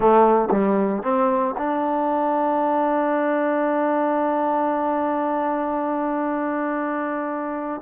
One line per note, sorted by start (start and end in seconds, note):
0.00 0.49 A3
0.51 1.02 G3
1.02 1.55 C4
1.57 7.81 D4